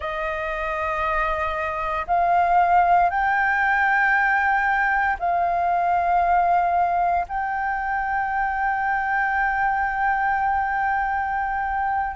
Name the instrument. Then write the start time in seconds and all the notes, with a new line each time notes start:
flute
0.00 D#5
2.07 F5
3.09 G5
5.19 F5
7.28 G5